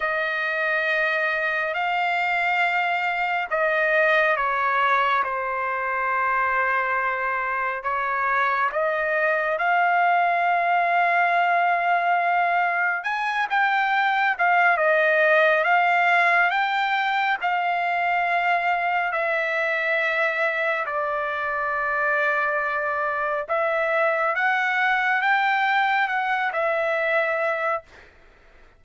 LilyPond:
\new Staff \with { instrumentName = "trumpet" } { \time 4/4 \tempo 4 = 69 dis''2 f''2 | dis''4 cis''4 c''2~ | c''4 cis''4 dis''4 f''4~ | f''2. gis''8 g''8~ |
g''8 f''8 dis''4 f''4 g''4 | f''2 e''2 | d''2. e''4 | fis''4 g''4 fis''8 e''4. | }